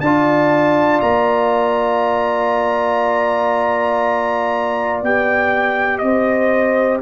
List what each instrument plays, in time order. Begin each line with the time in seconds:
0.00 tuba D4, trombone F4, horn D5, trumpet A5
1.00 tuba A#3, trumpet A#5
5.02 tuba B3, trombone G4, trumpet G5
5.98 tuba C4, trumpet D#5
6.04 horn C5